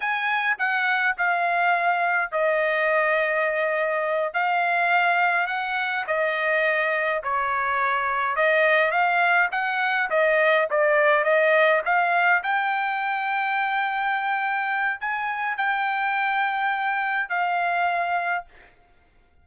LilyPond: \new Staff \with { instrumentName = "trumpet" } { \time 4/4 \tempo 4 = 104 gis''4 fis''4 f''2 | dis''2.~ dis''8 f''8~ | f''4. fis''4 dis''4.~ | dis''8 cis''2 dis''4 f''8~ |
f''8 fis''4 dis''4 d''4 dis''8~ | dis''8 f''4 g''2~ g''8~ | g''2 gis''4 g''4~ | g''2 f''2 | }